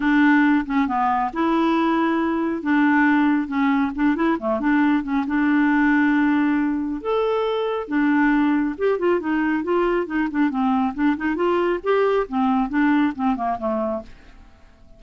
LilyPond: \new Staff \with { instrumentName = "clarinet" } { \time 4/4 \tempo 4 = 137 d'4. cis'8 b4 e'4~ | e'2 d'2 | cis'4 d'8 e'8 a8 d'4 cis'8 | d'1 |
a'2 d'2 | g'8 f'8 dis'4 f'4 dis'8 d'8 | c'4 d'8 dis'8 f'4 g'4 | c'4 d'4 c'8 ais8 a4 | }